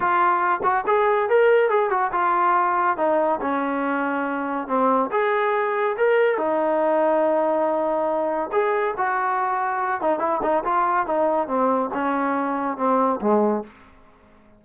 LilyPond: \new Staff \with { instrumentName = "trombone" } { \time 4/4 \tempo 4 = 141 f'4. fis'8 gis'4 ais'4 | gis'8 fis'8 f'2 dis'4 | cis'2. c'4 | gis'2 ais'4 dis'4~ |
dis'1 | gis'4 fis'2~ fis'8 dis'8 | e'8 dis'8 f'4 dis'4 c'4 | cis'2 c'4 gis4 | }